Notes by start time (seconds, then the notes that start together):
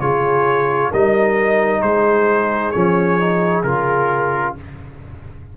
0.00 C#3 F4 G#4 C#5
0.91 G3 D#4 A#4 D#5
1.81 G#3 G#4 C5
2.71 F3 C#4 C#5
3.20 D#4
3.63 C#3 F4 A#4